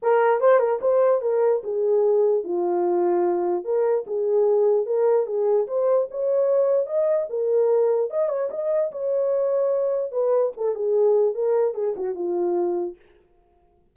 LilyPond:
\new Staff \with { instrumentName = "horn" } { \time 4/4 \tempo 4 = 148 ais'4 c''8 ais'8 c''4 ais'4 | gis'2 f'2~ | f'4 ais'4 gis'2 | ais'4 gis'4 c''4 cis''4~ |
cis''4 dis''4 ais'2 | dis''8 cis''8 dis''4 cis''2~ | cis''4 b'4 a'8 gis'4. | ais'4 gis'8 fis'8 f'2 | }